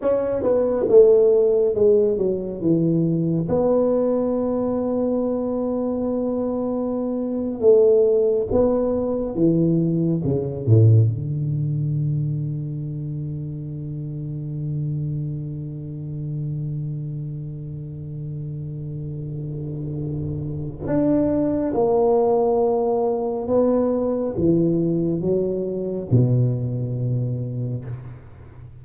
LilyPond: \new Staff \with { instrumentName = "tuba" } { \time 4/4 \tempo 4 = 69 cis'8 b8 a4 gis8 fis8 e4 | b1~ | b8. a4 b4 e4 cis16~ | cis16 a,8 d2.~ d16~ |
d1~ | d1 | d'4 ais2 b4 | e4 fis4 b,2 | }